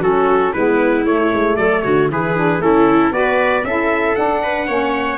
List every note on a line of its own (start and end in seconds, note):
0.00 0.52 F#3
0.00 0.54 C#4
0.00 0.52 F#4
0.00 0.53 A4
0.53 1.06 G#3
0.53 1.07 B3
0.53 1.56 E4
0.53 1.05 B4
1.06 1.31 A3
1.06 2.10 A3
1.06 1.56 C#5
1.33 1.56 G#3
1.56 1.82 F#3
1.56 1.84 A4
1.56 1.82 D5
1.82 2.10 D3
1.82 2.10 F#4
1.82 2.08 C#5
2.10 2.59 E3
2.10 2.36 E4
2.10 2.63 G#4
2.10 2.62 B4
2.36 2.59 D4
2.59 3.11 A3
2.59 3.11 C#4
2.59 3.14 E4
2.59 3.13 A4
3.11 3.63 B3
3.11 3.62 F#4
3.11 3.66 B4
3.11 3.65 D5
3.63 4.15 C#4
3.63 4.15 E4
3.63 4.43 A4
3.63 4.15 E5
4.15 4.67 D4
4.15 4.68 D4
4.15 5.18 F#5
4.43 4.67 B4
4.67 5.18 A#3
4.67 5.18 C#4
4.67 5.18 C#5